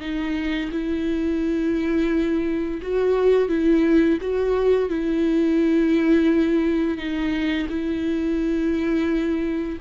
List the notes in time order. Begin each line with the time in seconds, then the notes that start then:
0.00 D#4
0.71 E4
2.82 F#4
3.49 E4
4.21 F#4
4.89 E4
6.97 D#4
7.69 E4